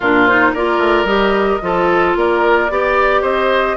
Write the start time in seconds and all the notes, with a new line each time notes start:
0.00 A#2 D4 F4 A#4
0.26 D#4 C5
0.53 A#3 F4 A#4 D5
0.78 A3
1.04 G3 G4 D#5
1.61 F3 F4 A4
2.15 A#3 A#4 D5
2.69 B3 G4 D5
3.21 C4 C5 D#5